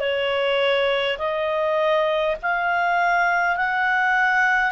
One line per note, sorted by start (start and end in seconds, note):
0.00 1.18 C#5
1.18 2.36 D#5
2.42 3.56 F5
3.56 4.72 F#5